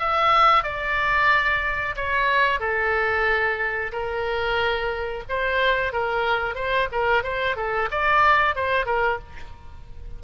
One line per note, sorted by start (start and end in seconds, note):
0.00 0.64 E5
0.64 1.96 D5
1.96 2.60 C#5
2.60 3.92 A4
3.92 5.24 A#4
5.29 5.93 C5
5.93 6.55 A#4
6.55 6.88 C5
6.92 7.23 A#4
7.23 7.56 C5
7.56 7.89 A4
7.91 8.56 D5
8.56 8.86 C5
8.86 9.19 A#4